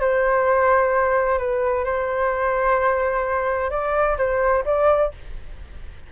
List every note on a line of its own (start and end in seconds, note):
0.00 1.38 C5
1.38 1.85 B4
1.85 3.70 C5
3.70 4.17 D5
4.18 4.64 C5
4.65 5.12 D5